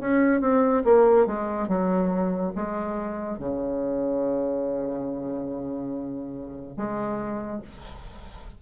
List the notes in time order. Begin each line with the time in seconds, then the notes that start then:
0.00 C#4
0.41 C4
0.85 A#3
1.26 G#3
1.68 F#3
2.55 G#3
3.39 C#3
6.77 G#3